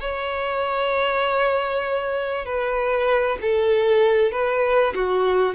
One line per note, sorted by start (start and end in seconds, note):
0.00 2.45 C#5
2.45 3.38 B4
3.41 4.32 A4
4.32 4.94 B4
4.95 5.54 F#4